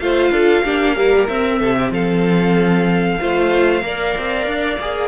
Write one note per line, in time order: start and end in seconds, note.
0.00 0.31 A3
0.00 0.65 F4
0.00 0.32 C5
0.00 1.28 F5
0.31 0.63 D4
0.31 0.64 A4
0.64 1.28 A#3
0.64 0.96 D4
0.64 0.97 G4
0.96 1.28 G3
0.96 1.60 A#4
1.28 3.20 C4
1.28 1.61 C4
1.28 1.92 E5
1.60 1.91 C3
1.60 1.76 A4
1.78 1.93 G4
1.91 3.18 F3
1.91 3.20 A4
1.91 5.09 F5
3.20 3.83 A3
3.20 3.81 F4
3.20 3.84 C5
3.81 4.15 A#3
3.81 4.77 A#4
3.81 5.09 D5
4.18 4.47 C4
4.47 4.79 D4
4.80 5.09 A#3
4.80 5.09 G#4